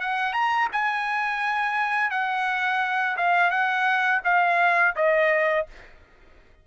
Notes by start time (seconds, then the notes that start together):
0.00 F#5
0.33 A#5
0.72 G#5
2.10 F#5
3.17 F5
3.50 F#5
4.24 F5
4.96 D#5